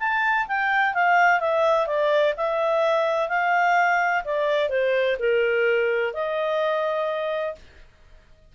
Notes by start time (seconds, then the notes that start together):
0.00 A5
0.48 G5
0.94 F5
1.40 E5
1.87 D5
2.37 E5
3.29 F5
4.25 D5
4.70 C5
5.20 A#4
6.14 D#5